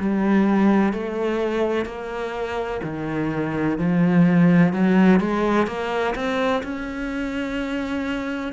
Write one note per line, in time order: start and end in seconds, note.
0.00 0.94 G3
0.94 1.86 A3
1.86 2.81 A#3
2.84 3.79 D#3
3.79 4.74 F3
4.74 5.21 F#3
5.21 5.68 G#3
5.68 6.15 A#3
6.16 6.63 C4
6.64 8.53 C#4